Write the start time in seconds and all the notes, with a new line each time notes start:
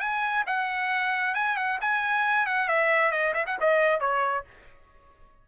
0.00 G#5
0.47 F#5
1.35 G#5
1.57 F#5
1.81 G#5
2.47 F#5
2.69 E5
3.12 D#5
3.34 E5
3.47 F#5
3.60 D#5
4.00 C#5